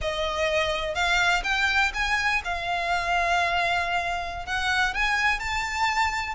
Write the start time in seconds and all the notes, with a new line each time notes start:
0.01 D#5
0.94 F5
1.43 G5
1.93 G#5
2.44 F5
4.46 F#5
4.93 G#5
5.39 A5